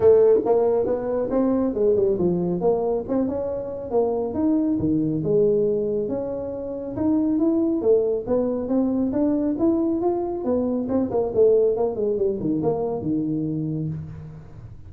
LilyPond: \new Staff \with { instrumentName = "tuba" } { \time 4/4 \tempo 4 = 138 a4 ais4 b4 c'4 | gis8 g8 f4 ais4 c'8 cis'8~ | cis'4 ais4 dis'4 dis4 | gis2 cis'2 |
dis'4 e'4 a4 b4 | c'4 d'4 e'4 f'4 | b4 c'8 ais8 a4 ais8 gis8 | g8 dis8 ais4 dis2 | }